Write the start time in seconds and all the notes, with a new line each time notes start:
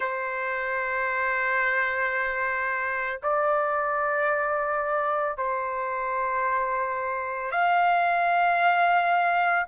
0.00 C5
3.22 D5
5.37 C5
7.51 F5